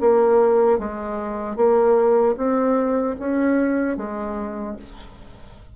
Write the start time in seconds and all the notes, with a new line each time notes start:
0.00 A#3
0.78 G#3
1.56 A#3
2.36 C4
3.19 C#4
3.97 G#3